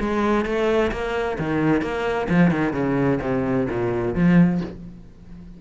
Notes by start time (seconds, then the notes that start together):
0.00 G#3
0.45 A3
0.91 A#3
1.38 D#3
1.81 A#3
2.29 F3
2.51 D#3
2.73 C#3
3.21 C3
3.70 A#2
4.15 F3